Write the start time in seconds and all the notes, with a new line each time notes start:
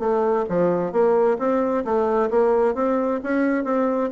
0.00 A3
0.49 F3
0.93 A#3
1.39 C4
1.85 A3
2.31 A#3
2.75 C4
3.24 C#4
3.65 C4